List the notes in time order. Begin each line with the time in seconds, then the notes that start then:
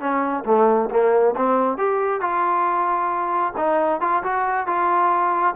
0.00 C#4
0.45 A3
0.91 A#3
1.36 C4
1.78 G4
2.21 F4
3.57 D#4
4.01 F4
4.23 F#4
4.67 F4